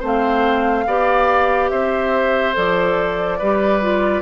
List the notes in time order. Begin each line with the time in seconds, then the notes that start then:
0.00 A3 C4 C5 F5
0.87 B3 G4 D5
1.70 C4 C5 E5
2.54 F3 A4 D5
3.39 G3 G4 B4
3.82 F4